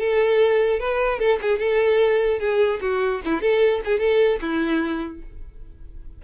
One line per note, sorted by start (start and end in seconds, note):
0.00 0.80 A4
0.80 1.20 B4
1.20 1.40 A4
1.42 1.59 G#4
1.59 2.40 A4
2.40 2.80 G#4
2.82 3.22 F#4
3.25 3.41 E4
3.41 3.82 A4
3.85 4.00 G#4
4.00 4.40 A4
4.42 5.22 E4